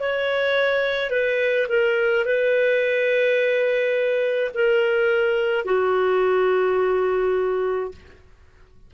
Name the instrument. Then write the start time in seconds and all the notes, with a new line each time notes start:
clarinet
0.00 C#5
1.10 B4
1.69 A#4
2.25 B4
4.54 A#4
5.65 F#4